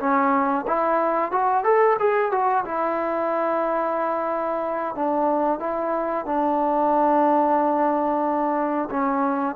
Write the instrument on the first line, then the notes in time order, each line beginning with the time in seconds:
trombone
0.00 C#4
0.68 E4
1.32 F#4
1.65 A4
2.00 G#4
2.32 F#4
2.65 E4
4.95 D4
5.60 E4
6.26 D4
8.91 C#4